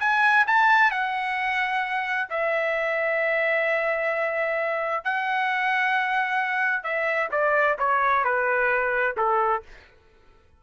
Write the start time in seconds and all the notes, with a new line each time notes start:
0.00 G#5
0.47 A5
0.91 F#5
2.30 E5
5.04 F#5
6.83 E5
7.32 D5
7.78 C#5
8.24 B4
9.17 A4